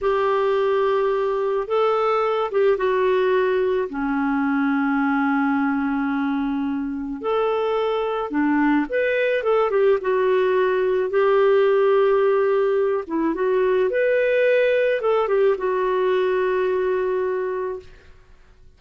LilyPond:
\new Staff \with { instrumentName = "clarinet" } { \time 4/4 \tempo 4 = 108 g'2. a'4~ | a'8 g'8 fis'2 cis'4~ | cis'1~ | cis'4 a'2 d'4 |
b'4 a'8 g'8 fis'2 | g'2.~ g'8 e'8 | fis'4 b'2 a'8 g'8 | fis'1 | }